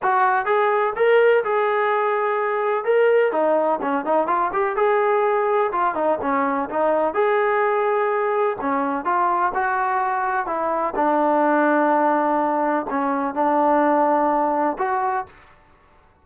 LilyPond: \new Staff \with { instrumentName = "trombone" } { \time 4/4 \tempo 4 = 126 fis'4 gis'4 ais'4 gis'4~ | gis'2 ais'4 dis'4 | cis'8 dis'8 f'8 g'8 gis'2 | f'8 dis'8 cis'4 dis'4 gis'4~ |
gis'2 cis'4 f'4 | fis'2 e'4 d'4~ | d'2. cis'4 | d'2. fis'4 | }